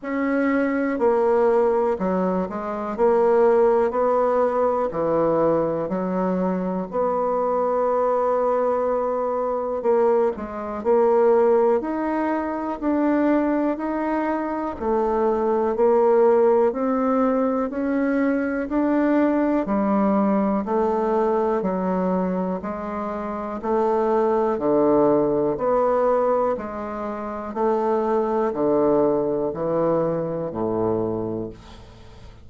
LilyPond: \new Staff \with { instrumentName = "bassoon" } { \time 4/4 \tempo 4 = 61 cis'4 ais4 fis8 gis8 ais4 | b4 e4 fis4 b4~ | b2 ais8 gis8 ais4 | dis'4 d'4 dis'4 a4 |
ais4 c'4 cis'4 d'4 | g4 a4 fis4 gis4 | a4 d4 b4 gis4 | a4 d4 e4 a,4 | }